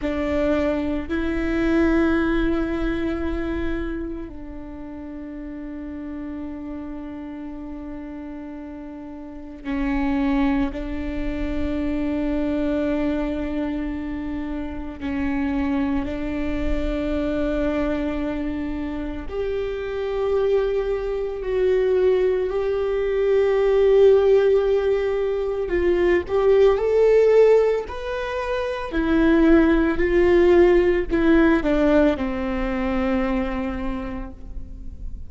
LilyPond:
\new Staff \with { instrumentName = "viola" } { \time 4/4 \tempo 4 = 56 d'4 e'2. | d'1~ | d'4 cis'4 d'2~ | d'2 cis'4 d'4~ |
d'2 g'2 | fis'4 g'2. | f'8 g'8 a'4 b'4 e'4 | f'4 e'8 d'8 c'2 | }